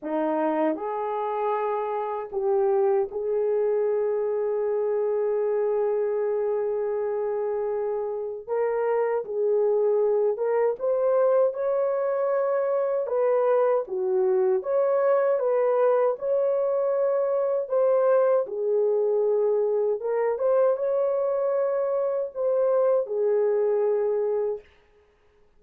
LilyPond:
\new Staff \with { instrumentName = "horn" } { \time 4/4 \tempo 4 = 78 dis'4 gis'2 g'4 | gis'1~ | gis'2. ais'4 | gis'4. ais'8 c''4 cis''4~ |
cis''4 b'4 fis'4 cis''4 | b'4 cis''2 c''4 | gis'2 ais'8 c''8 cis''4~ | cis''4 c''4 gis'2 | }